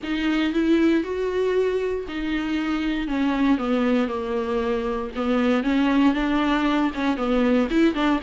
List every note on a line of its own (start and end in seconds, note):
0.03 0.53 D#4
0.53 1.03 E4
1.03 2.06 F#4
2.08 3.07 D#4
3.07 3.58 C#4
3.58 4.08 B3
4.08 5.10 A#3
5.15 5.63 B3
5.63 6.14 C#4
6.14 6.91 D4
6.94 7.17 C#4
7.17 7.68 B3
7.70 7.94 E4
7.94 8.20 D4